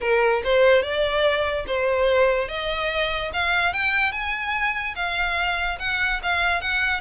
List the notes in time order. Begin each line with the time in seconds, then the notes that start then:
0.00 A#4
0.44 C5
0.82 D5
1.66 C5
2.48 D#5
3.33 F5
3.73 G5
4.12 G#5
4.95 F5
5.79 F#5
6.22 F5
6.61 F#5